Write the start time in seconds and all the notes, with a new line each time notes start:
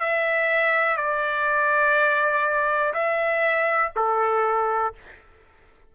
0.00 E5
0.97 D5
2.94 E5
3.96 A4